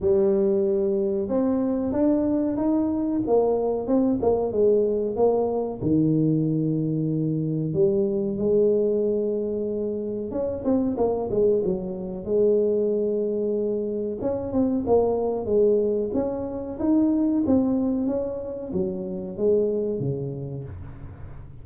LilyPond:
\new Staff \with { instrumentName = "tuba" } { \time 4/4 \tempo 4 = 93 g2 c'4 d'4 | dis'4 ais4 c'8 ais8 gis4 | ais4 dis2. | g4 gis2. |
cis'8 c'8 ais8 gis8 fis4 gis4~ | gis2 cis'8 c'8 ais4 | gis4 cis'4 dis'4 c'4 | cis'4 fis4 gis4 cis4 | }